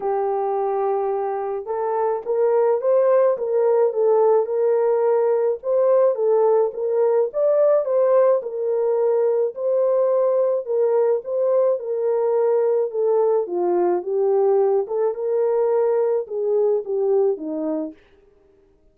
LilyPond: \new Staff \with { instrumentName = "horn" } { \time 4/4 \tempo 4 = 107 g'2. a'4 | ais'4 c''4 ais'4 a'4 | ais'2 c''4 a'4 | ais'4 d''4 c''4 ais'4~ |
ais'4 c''2 ais'4 | c''4 ais'2 a'4 | f'4 g'4. a'8 ais'4~ | ais'4 gis'4 g'4 dis'4 | }